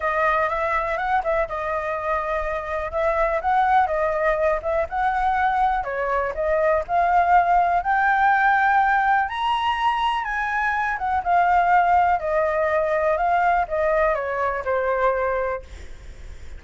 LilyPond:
\new Staff \with { instrumentName = "flute" } { \time 4/4 \tempo 4 = 123 dis''4 e''4 fis''8 e''8 dis''4~ | dis''2 e''4 fis''4 | dis''4. e''8 fis''2 | cis''4 dis''4 f''2 |
g''2. ais''4~ | ais''4 gis''4. fis''8 f''4~ | f''4 dis''2 f''4 | dis''4 cis''4 c''2 | }